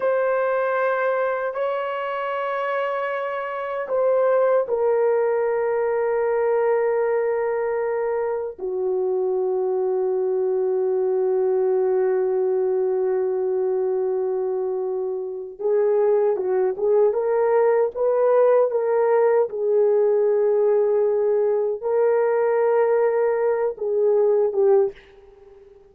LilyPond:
\new Staff \with { instrumentName = "horn" } { \time 4/4 \tempo 4 = 77 c''2 cis''2~ | cis''4 c''4 ais'2~ | ais'2. fis'4~ | fis'1~ |
fis'1 | gis'4 fis'8 gis'8 ais'4 b'4 | ais'4 gis'2. | ais'2~ ais'8 gis'4 g'8 | }